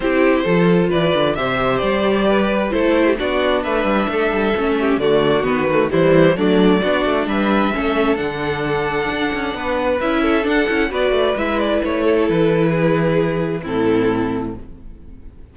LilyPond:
<<
  \new Staff \with { instrumentName = "violin" } { \time 4/4 \tempo 4 = 132 c''2 d''4 e''4 | d''2 c''4 d''4 | e''2. d''4 | b'4 c''4 d''2 |
e''2 fis''2~ | fis''2 e''4 fis''4 | d''4 e''8 d''8 cis''4 b'4~ | b'2 a'2 | }
  \new Staff \with { instrumentName = "violin" } { \time 4/4 g'4 a'4 b'4 c''4~ | c''4 b'4 a'8. g'16 fis'4 | b'4 a'4. g'8 fis'4~ | fis'4 e'4 d'4 fis'4 |
b'4 a'2.~ | a'4 b'4. a'4. | b'2~ b'8 a'4. | gis'2 e'2 | }
  \new Staff \with { instrumentName = "viola" } { \time 4/4 e'4 f'2 g'4~ | g'2 e'4 d'4~ | d'2 cis'4 a4 | b8 a8 g4 a4 d'4~ |
d'4 cis'4 d'2~ | d'2 e'4 d'8 e'8 | fis'4 e'2.~ | e'2 c'2 | }
  \new Staff \with { instrumentName = "cello" } { \time 4/4 c'4 f4 e8 d8 c4 | g2 a4 b4 | a8 g8 a8 g8 a4 d4 | dis4 e4 fis4 b8 a8 |
g4 a4 d2 | d'8 cis'8 b4 cis'4 d'8 cis'8 | b8 a8 gis4 a4 e4~ | e2 a,2 | }
>>